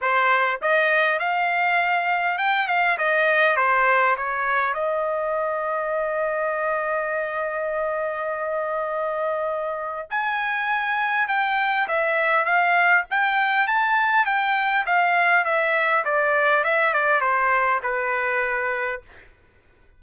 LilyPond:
\new Staff \with { instrumentName = "trumpet" } { \time 4/4 \tempo 4 = 101 c''4 dis''4 f''2 | g''8 f''8 dis''4 c''4 cis''4 | dis''1~ | dis''1~ |
dis''4 gis''2 g''4 | e''4 f''4 g''4 a''4 | g''4 f''4 e''4 d''4 | e''8 d''8 c''4 b'2 | }